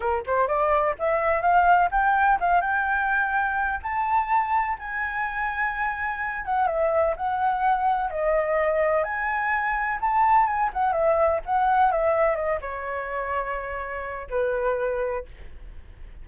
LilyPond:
\new Staff \with { instrumentName = "flute" } { \time 4/4 \tempo 4 = 126 ais'8 c''8 d''4 e''4 f''4 | g''4 f''8 g''2~ g''8 | a''2 gis''2~ | gis''4. fis''8 e''4 fis''4~ |
fis''4 dis''2 gis''4~ | gis''4 a''4 gis''8 fis''8 e''4 | fis''4 e''4 dis''8 cis''4.~ | cis''2 b'2 | }